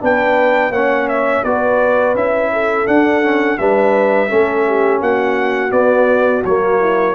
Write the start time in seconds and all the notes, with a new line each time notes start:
0.00 B3 D4 B4 G5
0.70 A#3 C#4 C#5 F#5
1.09 E5
1.44 B3 F#4 B4 D5
2.15 C#4 E4 E5
2.53 A4
2.87 D4 F#5
3.22 C#4
3.58 G3 D4 B4 E5
4.29 A3 C#4 A4
4.67 G4
5.01 A#3 F#4 F#5
5.69 B3 D5
6.45 F#3 A#3 C#5
6.80 E4